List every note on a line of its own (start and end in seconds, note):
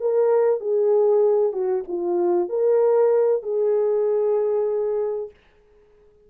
0.00 0.60 A#4
0.60 1.53 G#4
1.53 1.84 F#4
1.88 2.49 F4
2.49 3.42 A#4
3.42 5.30 G#4